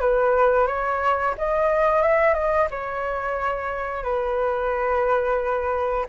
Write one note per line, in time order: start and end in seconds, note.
0.00 0.67 B4
0.67 1.35 C#5
1.38 2.02 D#5
2.02 2.34 E5
2.34 2.68 D#5
2.71 4.03 C#5
4.03 6.06 B4